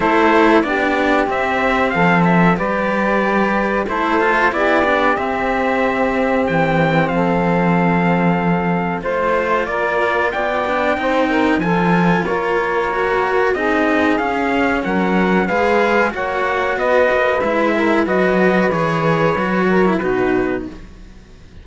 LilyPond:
<<
  \new Staff \with { instrumentName = "trumpet" } { \time 4/4 \tempo 4 = 93 c''4 d''4 e''4 f''8 e''8 | d''2 c''4 d''4 | e''2 g''4 f''4~ | f''2 c''4 d''4 |
g''2 gis''4 cis''4~ | cis''4 dis''4 f''4 fis''4 | f''4 fis''4 dis''4 e''4 | dis''4 cis''2 b'4 | }
  \new Staff \with { instrumentName = "saxophone" } { \time 4/4 a'4 g'2 a'4 | b'2 a'4 g'4~ | g'2. a'4~ | a'2 c''4 ais'4 |
d''4 c''8 ais'8 a'4 ais'4~ | ais'4 gis'2 ais'4 | b'4 cis''4 b'4. ais'8 | b'2~ b'8 ais'8 fis'4 | }
  \new Staff \with { instrumentName = "cello" } { \time 4/4 e'4 d'4 c'2 | g'2 e'8 f'8 e'8 d'8 | c'1~ | c'2 f'2~ |
f'8 d'8 dis'4 f'2 | fis'4 dis'4 cis'2 | gis'4 fis'2 e'4 | fis'4 gis'4 fis'8. e'16 dis'4 | }
  \new Staff \with { instrumentName = "cello" } { \time 4/4 a4 b4 c'4 f4 | g2 a4 b4 | c'2 e4 f4~ | f2 a4 ais4 |
b4 c'4 f4 ais4~ | ais4 c'4 cis'4 fis4 | gis4 ais4 b8 ais8 gis4 | fis4 e4 fis4 b,4 | }
>>